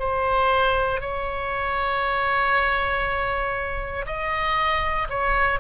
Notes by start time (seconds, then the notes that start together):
0.00 C5
1.01 C#5
4.07 D#5
5.10 C#5